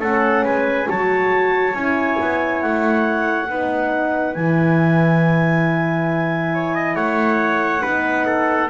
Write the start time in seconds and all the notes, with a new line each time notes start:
0.00 A3 C#4 A4 F#5
0.44 G#3 B4 G#5
0.87 F#3 F#4 C#5 A5
1.74 C#4 E4 G#5
2.21 B3
2.62 A3 F#5
3.49 B3 D#4 B4
4.35 E3 E4 G#5
6.55 C#5
6.75 D#5
6.95 A3 C#5 F#5
7.82 B3 D#4 B4
8.27 A4